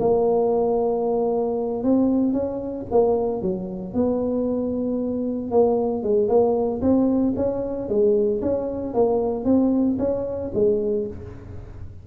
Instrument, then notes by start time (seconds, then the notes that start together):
tuba
0.00 A#3
1.84 C4
2.33 C#4
2.91 A#3
3.42 F#3
3.94 B3
5.51 A#3
6.03 G#3
6.28 A#3
6.82 C4
7.36 C#4
7.89 G#3
8.42 C#4
8.94 A#3
9.45 C4
9.99 C#4
10.55 G#3